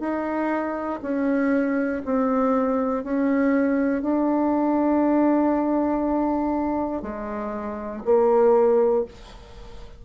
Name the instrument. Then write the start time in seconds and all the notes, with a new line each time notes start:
bassoon
0.00 D#4
1.03 C#4
2.05 C4
3.04 C#4
4.02 D4
7.03 G#3
8.05 A#3